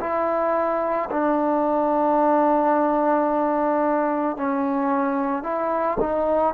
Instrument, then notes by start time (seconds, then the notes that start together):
trombone
0.00 E4
1.10 D4
4.37 C#4
5.43 E4
6.00 D#4